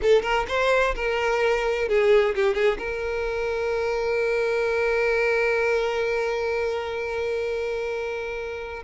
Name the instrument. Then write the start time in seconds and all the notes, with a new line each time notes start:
violin
0.01 A4
0.22 A#4
0.48 C5
0.95 A#4
1.88 G#4
2.35 G4
2.54 G#4
2.78 A#4